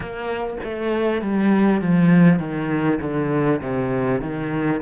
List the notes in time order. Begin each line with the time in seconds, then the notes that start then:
0.00 A#3
0.63 A3
1.21 G3
1.81 F3
2.39 D#3
3.01 D3
3.61 C3
4.21 D#3